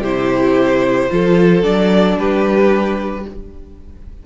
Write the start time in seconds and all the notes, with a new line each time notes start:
0.00 C3 E4 G4 C5
1.09 F3 F4 A4
1.62 F#3 D4 D5
2.18 G3 G4 B4